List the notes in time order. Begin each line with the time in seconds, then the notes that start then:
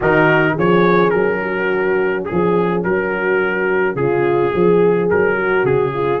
0.00 D#3 D#4 F#4 A#4
0.54 F3 C#4 G#4 C#5
1.10 F#3 A#4
1.42 F#4
2.25 G#4
2.31 F3
2.83 F#3 F#4 A#4
3.95 C#3 F4 G#4
4.52 F3 G#4
5.10 F#3 A#4
5.35 F#4
5.64 C#3 G#4
5.93 F4